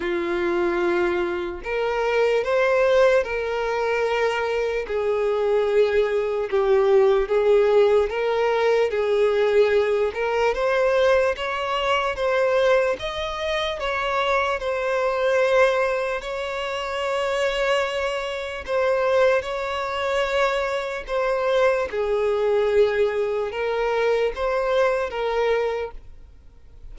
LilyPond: \new Staff \with { instrumentName = "violin" } { \time 4/4 \tempo 4 = 74 f'2 ais'4 c''4 | ais'2 gis'2 | g'4 gis'4 ais'4 gis'4~ | gis'8 ais'8 c''4 cis''4 c''4 |
dis''4 cis''4 c''2 | cis''2. c''4 | cis''2 c''4 gis'4~ | gis'4 ais'4 c''4 ais'4 | }